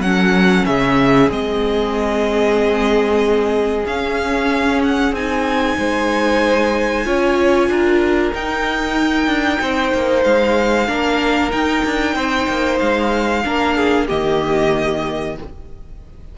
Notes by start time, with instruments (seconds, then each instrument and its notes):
0.00 cello F#3, viola C#4, violin A4 F#5
0.66 cello C#3, violin G#4 E5
1.30 cello G#3, viola C4, violin D#5
3.86 cello C#4, viola C#4, violin F5
4.83 violin F#5
5.12 cello C4, viola D#4, violin G#5
5.78 cello G#3, violin C5
7.05 cello C#4, viola F4, violin C#5
7.69 cello D4, violin A#4
8.34 viola D#4, cello D#4, violin G5
9.27 cello D4
9.61 cello C4, violin C5
9.94 cello A#3
10.24 cello G#3, violin F5
10.88 cello A#3, viola D4, violin A#4
11.51 viola D#4, cello D#4, violin G5
11.86 cello D4
12.15 cello C4, violin C5
12.48 cello A#3
12.80 cello G#3, violin F5
13.45 cello A#3, viola D4, violin A#4
13.76 violin G#4
14.07 cello D#3, viola A#3, violin G4 D#5